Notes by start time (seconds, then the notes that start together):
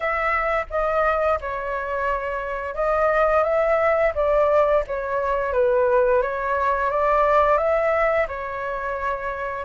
0.00 E5
0.70 D#5
1.40 C#5
2.75 D#5
3.43 E5
4.14 D5
4.87 C#5
5.53 B4
6.22 C#5
6.90 D5
7.57 E5
8.28 C#5